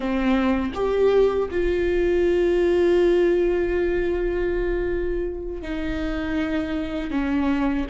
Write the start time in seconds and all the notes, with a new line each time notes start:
0.00 C4
0.74 G4
1.50 F4
5.61 D#4
7.10 C#4